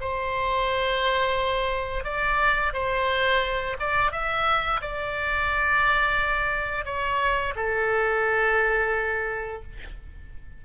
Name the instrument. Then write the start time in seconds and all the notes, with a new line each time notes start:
oboe
0.00 C5
2.03 D5
2.73 C5
3.79 D5
4.11 E5
4.81 D5
6.85 C#5
7.55 A4